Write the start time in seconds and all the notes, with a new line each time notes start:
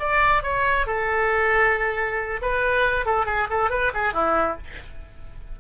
0.00 D5
0.43 C#5
0.87 A4
2.42 B4
3.06 A4
3.26 G#4
3.50 A4
3.70 B4
3.94 G#4
4.13 E4